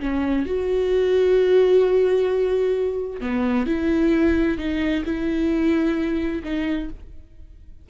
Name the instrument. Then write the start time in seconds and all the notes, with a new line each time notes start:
viola
0.00 C#4
0.46 F#4
3.21 B3
3.66 E4
4.58 D#4
5.05 E4
6.44 D#4